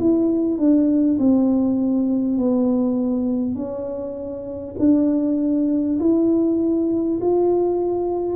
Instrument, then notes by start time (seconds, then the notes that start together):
tuba
0.00 E4
0.58 D4
1.19 C4
2.38 B3
3.56 C#4
4.79 D4
6.00 E4
7.22 F4